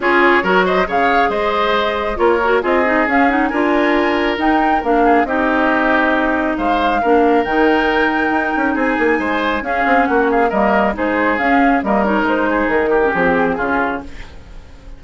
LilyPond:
<<
  \new Staff \with { instrumentName = "flute" } { \time 4/4 \tempo 4 = 137 cis''4. dis''8 f''4 dis''4~ | dis''4 cis''4 dis''4 f''8 fis''8 | gis''2 g''4 f''4 | dis''2. f''4~ |
f''4 g''2. | gis''2 f''4 fis''8 f''8 | dis''4 c''4 f''4 dis''8 cis''8 | c''4 ais'4 gis'2 | }
  \new Staff \with { instrumentName = "oboe" } { \time 4/4 gis'4 ais'8 c''8 cis''4 c''4~ | c''4 ais'4 gis'2 | ais'2.~ ais'8 gis'8 | g'2. c''4 |
ais'1 | gis'4 c''4 gis'4 fis'8 gis'8 | ais'4 gis'2 ais'4~ | ais'8 gis'4 g'4. f'4 | }
  \new Staff \with { instrumentName = "clarinet" } { \time 4/4 f'4 fis'4 gis'2~ | gis'4 f'8 fis'8 f'8 dis'8 cis'8 dis'8 | f'2 dis'4 d'4 | dis'1 |
d'4 dis'2.~ | dis'2 cis'2 | ais4 dis'4 cis'4 ais8 dis'8~ | dis'4.~ dis'16 cis'16 c'4 cis'4 | }
  \new Staff \with { instrumentName = "bassoon" } { \time 4/4 cis'4 fis4 cis4 gis4~ | gis4 ais4 c'4 cis'4 | d'2 dis'4 ais4 | c'2. gis4 |
ais4 dis2 dis'8 cis'8 | c'8 ais8 gis4 cis'8 c'8 ais4 | g4 gis4 cis'4 g4 | gis4 dis4 f4 cis4 | }
>>